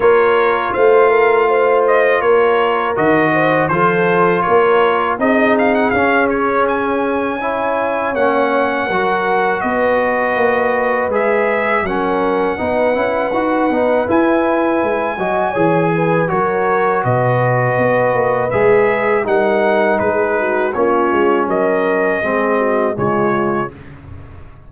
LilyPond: <<
  \new Staff \with { instrumentName = "trumpet" } { \time 4/4 \tempo 4 = 81 cis''4 f''4. dis''8 cis''4 | dis''4 c''4 cis''4 dis''8 f''16 fis''16 | f''8 cis''8 gis''2 fis''4~ | fis''4 dis''2 e''4 |
fis''2. gis''4~ | gis''2 cis''4 dis''4~ | dis''4 e''4 fis''4 b'4 | cis''4 dis''2 cis''4 | }
  \new Staff \with { instrumentName = "horn" } { \time 4/4 ais'4 c''8 ais'8 c''4 ais'4~ | ais'8 c''8 a'4 ais'4 gis'4~ | gis'2 cis''2 | ais'4 b'2. |
ais'4 b'2.~ | b'8 dis''8 cis''8 b'8 ais'4 b'4~ | b'2 ais'4 gis'8 fis'8 | f'4 ais'4 gis'8 fis'8 f'4 | }
  \new Staff \with { instrumentName = "trombone" } { \time 4/4 f'1 | fis'4 f'2 dis'4 | cis'2 e'4 cis'4 | fis'2. gis'4 |
cis'4 dis'8 e'8 fis'8 dis'8 e'4~ | e'8 fis'8 gis'4 fis'2~ | fis'4 gis'4 dis'2 | cis'2 c'4 gis4 | }
  \new Staff \with { instrumentName = "tuba" } { \time 4/4 ais4 a2 ais4 | dis4 f4 ais4 c'4 | cis'2. ais4 | fis4 b4 ais4 gis4 |
fis4 b8 cis'8 dis'8 b8 e'4 | gis8 fis8 e4 fis4 b,4 | b8 ais8 gis4 g4 gis4 | ais8 gis8 fis4 gis4 cis4 | }
>>